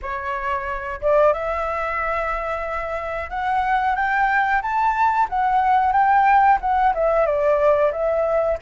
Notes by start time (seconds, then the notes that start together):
0.02 C#5
1.01 D5
1.33 E5
3.30 F#5
3.95 G5
4.62 A5
5.29 F#5
5.92 G5
6.60 F#5
6.94 E5
7.25 D5
7.92 E5